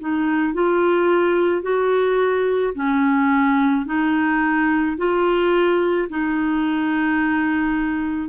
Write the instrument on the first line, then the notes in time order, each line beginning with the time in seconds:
clarinet
0.00 D#4
0.54 F4
1.62 F#4
2.75 C#4
3.86 D#4
4.97 F4
6.10 D#4